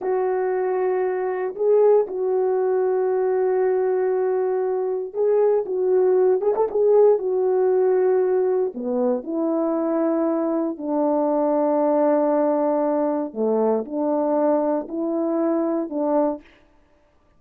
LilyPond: \new Staff \with { instrumentName = "horn" } { \time 4/4 \tempo 4 = 117 fis'2. gis'4 | fis'1~ | fis'2 gis'4 fis'4~ | fis'8 gis'16 a'16 gis'4 fis'2~ |
fis'4 b4 e'2~ | e'4 d'2.~ | d'2 a4 d'4~ | d'4 e'2 d'4 | }